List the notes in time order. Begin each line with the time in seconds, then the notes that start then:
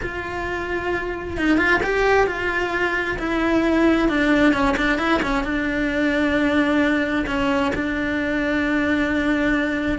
0.02 F4
1.37 D#4
1.57 F4
1.83 G4
2.26 F4
3.18 E4
4.08 D4
4.53 C#4
4.76 D4
4.98 E4
5.22 C#4
5.43 D4
7.26 C#4
7.75 D4